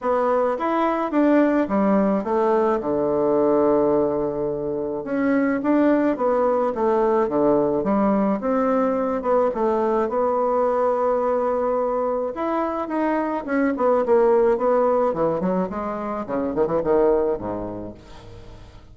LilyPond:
\new Staff \with { instrumentName = "bassoon" } { \time 4/4 \tempo 4 = 107 b4 e'4 d'4 g4 | a4 d2.~ | d4 cis'4 d'4 b4 | a4 d4 g4 c'4~ |
c'8 b8 a4 b2~ | b2 e'4 dis'4 | cis'8 b8 ais4 b4 e8 fis8 | gis4 cis8 dis16 e16 dis4 gis,4 | }